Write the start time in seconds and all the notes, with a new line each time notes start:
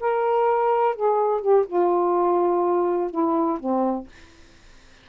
0.00 A#4
0.95 G#4
1.41 G4
1.66 F4
3.11 E4
3.59 C4